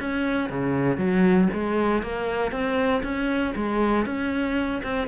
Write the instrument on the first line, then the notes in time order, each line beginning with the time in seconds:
cello
0.00 C#4
0.49 C#3
0.97 F#3
1.53 G#3
2.02 A#3
2.52 C4
3.03 C#4
3.56 G#3
4.06 C#4
4.83 C4